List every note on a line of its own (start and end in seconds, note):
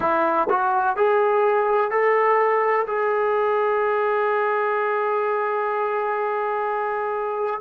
0.00 0.48 E4
0.49 0.96 F#4
0.96 1.90 G#4
1.90 2.86 A4
2.87 7.61 G#4